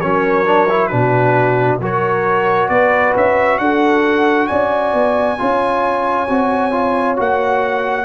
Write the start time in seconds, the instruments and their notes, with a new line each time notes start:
0.00 tuba F#3, trombone C#4, horn A#4, trumpet C#5
0.45 trombone D4
0.69 trombone E4
0.87 tuba B2, trombone D4, horn F#4, trumpet B4
1.80 tuba F#3, trombone F#4, horn A#4, trumpet C#5
2.69 tuba B3, horn B4, trumpet D5
3.15 tuba C#4, trumpet E5
3.58 tuba D4, horn A4, trumpet F#5
4.47 tuba C#4, horn D5, trumpet G#5
4.93 tuba B3
5.38 tuba C#4, trombone F4, horn C#5
6.28 tuba C4, trombone F#4
6.71 trombone F4
7.16 tuba A#3, trombone F#4, trumpet F#5